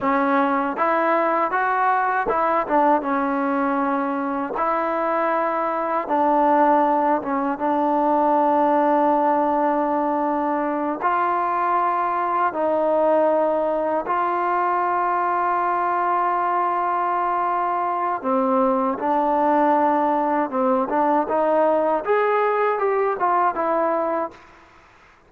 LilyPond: \new Staff \with { instrumentName = "trombone" } { \time 4/4 \tempo 4 = 79 cis'4 e'4 fis'4 e'8 d'8 | cis'2 e'2 | d'4. cis'8 d'2~ | d'2~ d'8 f'4.~ |
f'8 dis'2 f'4.~ | f'1 | c'4 d'2 c'8 d'8 | dis'4 gis'4 g'8 f'8 e'4 | }